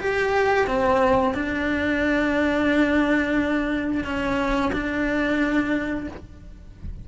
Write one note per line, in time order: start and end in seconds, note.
0.00 0.67 G4
0.67 1.35 C4
1.35 4.04 D4
4.04 4.72 C#4
4.73 6.08 D4